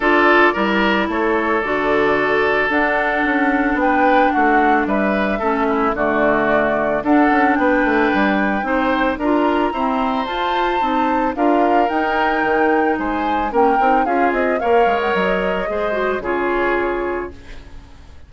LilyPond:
<<
  \new Staff \with { instrumentName = "flute" } { \time 4/4 \tempo 4 = 111 d''2 cis''4 d''4~ | d''4 fis''2 g''4 | fis''4 e''2 d''4~ | d''4 fis''4 g''2~ |
g''4 ais''2 a''4~ | a''4 f''4 g''2 | gis''4 g''4 f''8 dis''8 f''8. fis''16 | dis''2 cis''2 | }
  \new Staff \with { instrumentName = "oboe" } { \time 4/4 a'4 ais'4 a'2~ | a'2. b'4 | fis'4 b'4 a'8 e'8 fis'4~ | fis'4 a'4 b'2 |
c''4 ais'4 c''2~ | c''4 ais'2. | c''4 ais'4 gis'4 cis''4~ | cis''4 c''4 gis'2 | }
  \new Staff \with { instrumentName = "clarinet" } { \time 4/4 f'4 e'2 fis'4~ | fis'4 d'2.~ | d'2 cis'4 a4~ | a4 d'2. |
dis'4 f'4 c'4 f'4 | dis'4 f'4 dis'2~ | dis'4 cis'8 dis'8 f'4 ais'4~ | ais'4 gis'8 fis'8 f'2 | }
  \new Staff \with { instrumentName = "bassoon" } { \time 4/4 d'4 g4 a4 d4~ | d4 d'4 cis'4 b4 | a4 g4 a4 d4~ | d4 d'8 cis'8 b8 a8 g4 |
c'4 d'4 e'4 f'4 | c'4 d'4 dis'4 dis4 | gis4 ais8 c'8 cis'8 c'8 ais8 gis8 | fis4 gis4 cis2 | }
>>